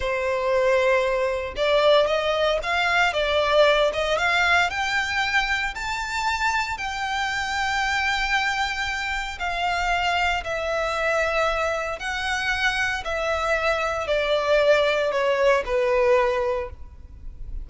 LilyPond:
\new Staff \with { instrumentName = "violin" } { \time 4/4 \tempo 4 = 115 c''2. d''4 | dis''4 f''4 d''4. dis''8 | f''4 g''2 a''4~ | a''4 g''2.~ |
g''2 f''2 | e''2. fis''4~ | fis''4 e''2 d''4~ | d''4 cis''4 b'2 | }